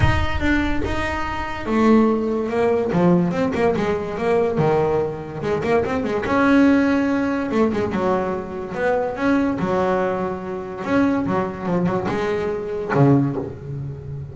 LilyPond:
\new Staff \with { instrumentName = "double bass" } { \time 4/4 \tempo 4 = 144 dis'4 d'4 dis'2 | a2 ais4 f4 | c'8 ais8 gis4 ais4 dis4~ | dis4 gis8 ais8 c'8 gis8 cis'4~ |
cis'2 a8 gis8 fis4~ | fis4 b4 cis'4 fis4~ | fis2 cis'4 fis4 | f8 fis8 gis2 cis4 | }